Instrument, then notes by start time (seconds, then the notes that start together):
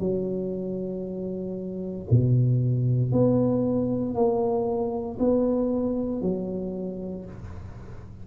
tuba
0.00 F#3
2.11 B2
3.12 B3
4.15 A#3
5.20 B3
6.22 F#3